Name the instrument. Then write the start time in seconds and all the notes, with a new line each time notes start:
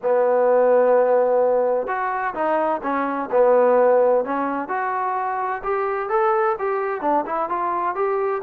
trombone
0.02 B3
1.87 F#4
2.34 D#4
2.83 C#4
3.31 B3
4.24 C#4
4.68 F#4
5.63 G4
6.09 A4
6.58 G4
7.01 D4
7.25 E4
7.49 F4
7.95 G4